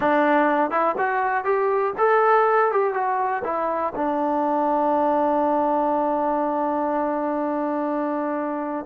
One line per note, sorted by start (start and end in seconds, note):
0.00 0.70 D4
0.70 0.95 E4
0.97 1.44 F#4
1.44 1.93 G4
1.98 2.71 A4
2.71 2.93 G4
2.93 3.42 F#4
3.44 3.93 E4
3.95 8.85 D4